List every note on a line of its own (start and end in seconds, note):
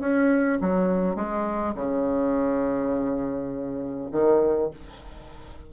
0.00 0.59 C#4
0.61 1.16 F#3
1.16 1.74 G#3
1.75 4.10 C#3
4.11 4.70 D#3